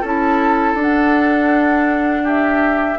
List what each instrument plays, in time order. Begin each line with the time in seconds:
0.00 bassoon C#4, clarinet E4, oboe A4
0.06 flute A5
0.74 bassoon D4, clarinet D4
0.81 flute F#5
2.23 oboe G4, flute E5